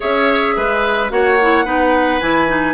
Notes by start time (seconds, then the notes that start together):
0.00 C#4 G#4 C#5 E5
0.56 G#3 B4
1.10 A#3 F#4 C#5 F#5
1.41 E4
1.65 B3 D#4 B4
2.20 E3 E4 G#5
2.48 D#4